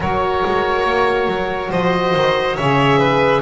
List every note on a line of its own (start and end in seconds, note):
0.00 0.43 F#3
0.00 2.58 F#4
0.00 1.70 A#4
0.00 1.72 C#5
0.45 0.84 G#3
0.84 1.27 A#3
1.27 1.70 F#3
1.70 2.14 F3
1.70 2.56 C5
1.70 2.56 D#5
2.15 2.57 D#3
2.56 3.41 C#3
2.56 3.41 G#4
2.56 2.98 C#5
2.56 3.41 E5
2.98 3.41 B4